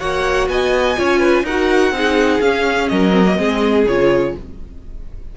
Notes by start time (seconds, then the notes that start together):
0.00 A#3 F#4 C#5 F#5
0.48 B3 D#5 G#5
0.96 C#4 F4 C#5
1.19 B4
1.43 D#4 A#4 F#5
1.49 F#4
1.91 C4 D#4
1.97 G#4
2.41 C#4 F5
2.88 F#3 A#4 D#5
3.12 C4
3.25 A#3
3.37 G#3 C4 G#4
3.87 C#3 F4 C#5